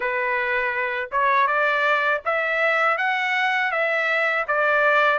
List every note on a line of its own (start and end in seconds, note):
0.00 1.09 B4
1.11 1.47 C#5
1.47 2.21 D5
2.25 2.97 E5
2.97 3.71 F#5
3.71 4.45 E5
4.47 5.19 D5